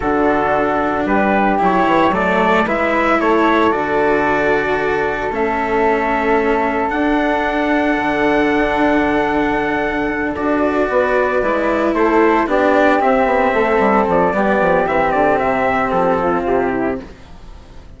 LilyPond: <<
  \new Staff \with { instrumentName = "trumpet" } { \time 4/4 \tempo 4 = 113 a'2 b'4 cis''4 | d''4 e''4 cis''4 d''4~ | d''2 e''2~ | e''4 fis''2.~ |
fis''2.~ fis''8 d''8~ | d''2~ d''8 c''4 d''8~ | d''8 e''2 d''4. | e''8 d''8 e''4 a'4 g'4 | }
  \new Staff \with { instrumentName = "flute" } { \time 4/4 fis'2 g'2 | a'4 b'4 a'2~ | a'1~ | a'1~ |
a'1~ | a'8 b'2 a'4 g'8~ | g'4. a'4. g'4~ | g'2~ g'8 f'4 e'8 | }
  \new Staff \with { instrumentName = "cello" } { \time 4/4 d'2. e'4 | a4 e'2 fis'4~ | fis'2 cis'2~ | cis'4 d'2.~ |
d'2.~ d'8 fis'8~ | fis'4. e'2 d'8~ | d'8 c'2~ c'8 b4 | c'1 | }
  \new Staff \with { instrumentName = "bassoon" } { \time 4/4 d2 g4 fis8 e8 | fis4 gis4 a4 d4~ | d2 a2~ | a4 d'2 d4~ |
d2.~ d8 d'8~ | d'8 b4 gis4 a4 b8~ | b8 c'8 b8 a8 g8 f8 g8 f8 | e8 d8 c4 f4 c4 | }
>>